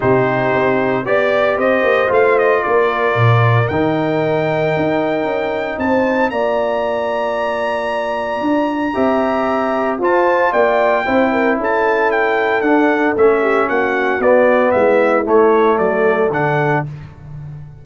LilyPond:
<<
  \new Staff \with { instrumentName = "trumpet" } { \time 4/4 \tempo 4 = 114 c''2 d''4 dis''4 | f''8 dis''8 d''2 g''4~ | g''2. a''4 | ais''1~ |
ais''2. a''4 | g''2 a''4 g''4 | fis''4 e''4 fis''4 d''4 | e''4 cis''4 d''4 fis''4 | }
  \new Staff \with { instrumentName = "horn" } { \time 4/4 g'2 d''4 c''4~ | c''4 ais'2.~ | ais'2. c''4 | d''1~ |
d''4 e''2 c''4 | d''4 c''8 ais'8 a'2~ | a'4. g'8 fis'2 | e'2 a'2 | }
  \new Staff \with { instrumentName = "trombone" } { \time 4/4 dis'2 g'2 | f'2. dis'4~ | dis'1 | f'1~ |
f'4 g'2 f'4~ | f'4 e'2. | d'4 cis'2 b4~ | b4 a2 d'4 | }
  \new Staff \with { instrumentName = "tuba" } { \time 4/4 c4 c'4 b4 c'8 ais8 | a4 ais4 ais,4 dis4~ | dis4 dis'4 cis'4 c'4 | ais1 |
d'4 c'2 f'4 | ais4 c'4 cis'2 | d'4 a4 ais4 b4 | gis4 a4 fis4 d4 | }
>>